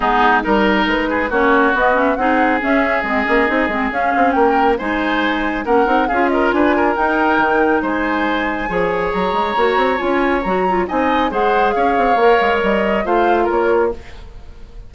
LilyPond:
<<
  \new Staff \with { instrumentName = "flute" } { \time 4/4 \tempo 4 = 138 gis'4 ais'4 b'4 cis''4 | dis''8 e''8 fis''4 e''4 dis''4~ | dis''4 f''4 g''4 gis''4~ | gis''4 fis''4 f''8 dis''8 gis''4 |
g''2 gis''2~ | gis''4 ais''2 gis''4 | ais''4 gis''4 fis''4 f''4~ | f''4 dis''4 f''4 cis''4 | }
  \new Staff \with { instrumentName = "oboe" } { \time 4/4 dis'4 ais'4. gis'8 fis'4~ | fis'4 gis'2.~ | gis'2 ais'4 c''4~ | c''4 ais'4 gis'8 ais'8 b'8 ais'8~ |
ais'2 c''2 | cis''1~ | cis''4 dis''4 c''4 cis''4~ | cis''2 c''4 ais'4 | }
  \new Staff \with { instrumentName = "clarinet" } { \time 4/4 b4 dis'2 cis'4 | b8 cis'8 dis'4 cis'4 c'8 cis'8 | dis'8 c'8 cis'2 dis'4~ | dis'4 cis'8 dis'8 f'2 |
dis'1 | gis'2 fis'4 f'4 | fis'8 f'8 dis'4 gis'2 | ais'2 f'2 | }
  \new Staff \with { instrumentName = "bassoon" } { \time 4/4 gis4 g4 gis4 ais4 | b4 c'4 cis'4 gis8 ais8 | c'8 gis8 cis'8 c'8 ais4 gis4~ | gis4 ais8 c'8 cis'4 d'4 |
dis'4 dis4 gis2 | f4 fis8 gis8 ais8 c'8 cis'4 | fis4 c'4 gis4 cis'8 c'8 | ais8 gis8 g4 a4 ais4 | }
>>